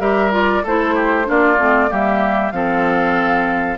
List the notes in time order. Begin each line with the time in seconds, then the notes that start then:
0.00 G3 G4 A#4 E5
0.32 F4 D5
0.64 A3 E4 A4 C5
0.95 G4
1.25 A#3 D4 F4 D5
1.59 A3 C4
1.89 G3 A#3 G4 E5
2.52 F3 C4 A4 F5